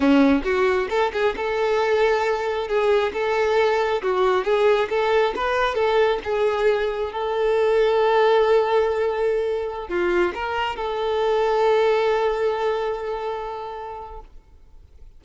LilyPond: \new Staff \with { instrumentName = "violin" } { \time 4/4 \tempo 4 = 135 cis'4 fis'4 a'8 gis'8 a'4~ | a'2 gis'4 a'4~ | a'4 fis'4 gis'4 a'4 | b'4 a'4 gis'2 |
a'1~ | a'2~ a'16 f'4 ais'8.~ | ais'16 a'2.~ a'8.~ | a'1 | }